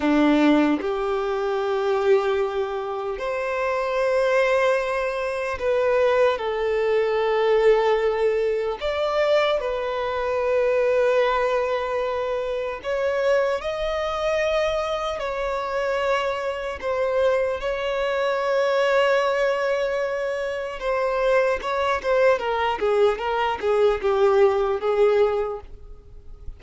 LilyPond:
\new Staff \with { instrumentName = "violin" } { \time 4/4 \tempo 4 = 75 d'4 g'2. | c''2. b'4 | a'2. d''4 | b'1 |
cis''4 dis''2 cis''4~ | cis''4 c''4 cis''2~ | cis''2 c''4 cis''8 c''8 | ais'8 gis'8 ais'8 gis'8 g'4 gis'4 | }